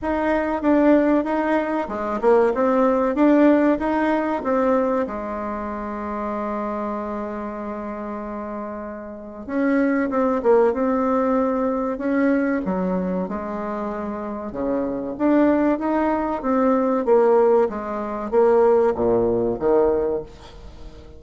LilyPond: \new Staff \with { instrumentName = "bassoon" } { \time 4/4 \tempo 4 = 95 dis'4 d'4 dis'4 gis8 ais8 | c'4 d'4 dis'4 c'4 | gis1~ | gis2. cis'4 |
c'8 ais8 c'2 cis'4 | fis4 gis2 cis4 | d'4 dis'4 c'4 ais4 | gis4 ais4 ais,4 dis4 | }